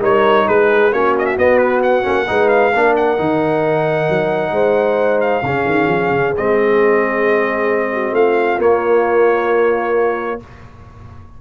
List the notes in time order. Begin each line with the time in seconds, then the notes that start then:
0.00 G3 D#4 A#4 C#5
0.46 G#3 G#4 B4
0.91 A#3 C#4 F#4 C#5
1.18 D#5
1.25 E5
1.37 B3 D#5
1.58 B4
1.82 F#5
2.02 A#3 C#4
2.27 G#3 D#4 B4
2.48 F5
2.73 A#3 D4 A#4
2.96 F#5
3.17 D#3 D#4
4.09 F#3
4.51 G#3 C5
5.20 F5
5.42 C#3 C#4 G#4
5.65 D#3
5.87 F3
6.10 C#3
6.36 G#3 C4 D#5
7.92 F#4
8.11 A3 F4 F5
8.58 A#3 C#5